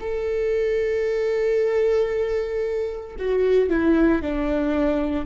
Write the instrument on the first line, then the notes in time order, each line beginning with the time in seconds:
viola
0.00 A4
3.19 F#4
3.69 E4
4.22 D4